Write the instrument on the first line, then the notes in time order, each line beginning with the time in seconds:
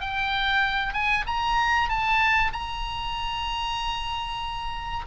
oboe
0.00 G5
0.93 G#5
1.26 A#5
1.89 A5
2.53 A#5